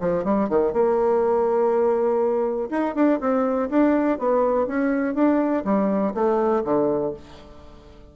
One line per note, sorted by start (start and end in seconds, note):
0.00 0.24 F3
0.24 0.49 G3
0.49 0.73 D#3
0.73 2.69 A#3
2.70 2.95 D#4
2.95 3.20 D4
3.20 3.70 C4
3.70 4.18 D4
4.18 4.67 B3
4.67 5.14 C#4
5.14 5.64 D4
5.64 6.14 G3
6.14 6.63 A3
6.64 7.14 D3